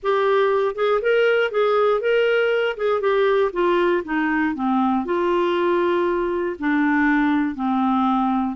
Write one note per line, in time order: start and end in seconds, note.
0.02 0.75 G4
0.75 1.00 G#4
1.01 1.51 A#4
1.51 2.00 G#4
2.00 2.76 A#4
2.76 3.00 G#4
3.00 3.51 G4
3.52 4.03 F4
4.04 4.54 D#4
4.54 5.05 C4
5.05 6.56 F4
6.59 7.55 D4
7.55 8.56 C4